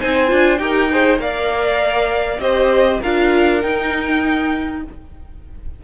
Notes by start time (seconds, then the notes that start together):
0.00 C4 D#4 C5 G#5
0.28 D4 F4
0.58 D#4 G4 A#4 G5
0.92 G#4 C5
1.19 A#3 A#4 D5 F5
2.39 C4 G4 C5 D#5
3.01 D4 F4 A#4 F5
3.61 D#4 G5